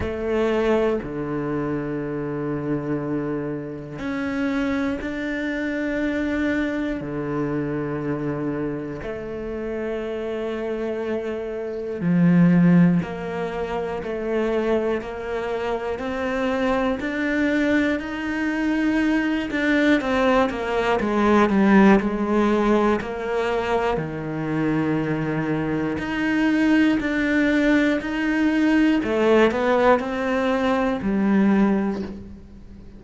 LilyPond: \new Staff \with { instrumentName = "cello" } { \time 4/4 \tempo 4 = 60 a4 d2. | cis'4 d'2 d4~ | d4 a2. | f4 ais4 a4 ais4 |
c'4 d'4 dis'4. d'8 | c'8 ais8 gis8 g8 gis4 ais4 | dis2 dis'4 d'4 | dis'4 a8 b8 c'4 g4 | }